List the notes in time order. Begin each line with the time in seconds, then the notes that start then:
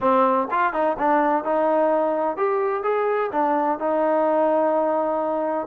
0.00 C4
0.50 F4
0.73 D#4
0.98 D4
1.44 D#4
2.36 G4
2.83 G#4
3.32 D4
3.79 D#4